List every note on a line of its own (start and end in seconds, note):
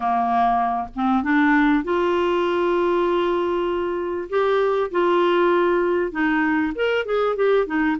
0.00 0.87 A#3
0.95 1.23 C4
1.23 1.83 D4
1.83 4.28 F4
4.29 4.90 G4
4.91 6.11 F4
6.11 6.72 D#4
6.75 7.05 A#4
7.05 7.36 G#4
7.36 7.66 G4
7.66 7.96 D#4